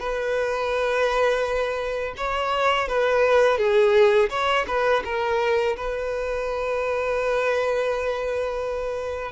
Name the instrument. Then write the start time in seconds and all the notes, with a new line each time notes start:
violin
0.00 B4
2.17 C#5
2.88 B4
3.58 G#4
4.30 C#5
4.68 B4
5.05 A#4
5.77 B4